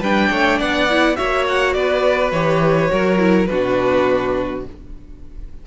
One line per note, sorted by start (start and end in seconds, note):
0.00 0.29 G3
0.00 0.90 D4
0.00 0.29 B4
0.00 0.60 G5
0.31 0.60 A3
0.31 0.58 C#5
0.58 1.17 B3
0.58 1.16 D5
0.58 1.16 F#5
0.90 1.16 E4
1.16 1.75 A#3
1.16 2.31 F#4
1.16 1.76 C#5
1.16 1.45 E5
1.48 1.73 F#5
1.73 2.32 B3
1.73 2.91 B4
1.73 2.31 D5
2.31 2.89 E3
2.31 2.89 G4
2.31 3.46 C#5
2.89 3.50 F#3
2.89 3.17 F#4
2.89 3.49 A#4
3.19 3.47 E4
3.46 4.67 B2
3.46 4.66 D4
3.46 4.66 F#4
3.46 4.61 B4